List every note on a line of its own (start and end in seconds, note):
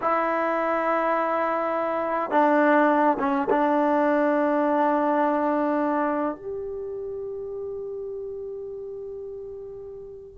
0.01 2.30 E4
2.30 3.17 D4
3.19 3.48 C#4
3.50 6.36 D4
6.36 10.38 G4